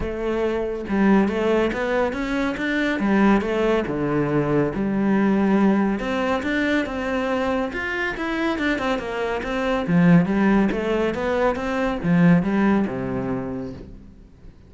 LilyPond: \new Staff \with { instrumentName = "cello" } { \time 4/4 \tempo 4 = 140 a2 g4 a4 | b4 cis'4 d'4 g4 | a4 d2 g4~ | g2 c'4 d'4 |
c'2 f'4 e'4 | d'8 c'8 ais4 c'4 f4 | g4 a4 b4 c'4 | f4 g4 c2 | }